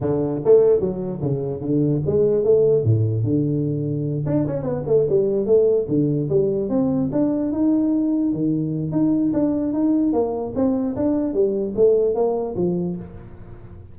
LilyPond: \new Staff \with { instrumentName = "tuba" } { \time 4/4 \tempo 4 = 148 d4 a4 fis4 cis4 | d4 gis4 a4 a,4 | d2~ d8 d'8 cis'8 b8 | a8 g4 a4 d4 g8~ |
g8 c'4 d'4 dis'4.~ | dis'8 dis4. dis'4 d'4 | dis'4 ais4 c'4 d'4 | g4 a4 ais4 f4 | }